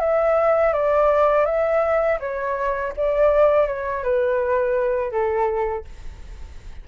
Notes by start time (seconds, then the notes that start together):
0.00 E5
0.73 D5
1.46 E5
2.20 C#5
2.97 D5
3.67 C#5
4.04 B4
5.12 A4